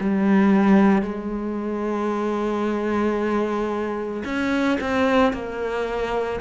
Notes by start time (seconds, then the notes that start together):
0.00 G3
1.02 G#3
4.24 C#4
4.80 C4
5.33 A#3